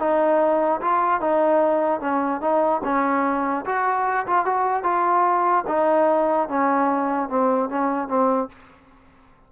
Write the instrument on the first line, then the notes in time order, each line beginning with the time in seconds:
trombone
0.00 D#4
0.81 F4
1.21 D#4
2.01 C#4
2.41 D#4
2.84 C#4
3.66 F#4
4.27 F4
4.46 F#4
4.84 F4
5.68 D#4
6.49 C#4
7.30 C4
7.70 C#4
8.09 C4